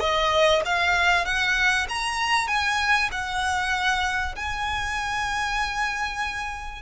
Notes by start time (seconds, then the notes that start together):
0.00 D#5
0.65 F5
1.25 F#5
1.89 A#5
2.48 G#5
3.12 F#5
4.36 G#5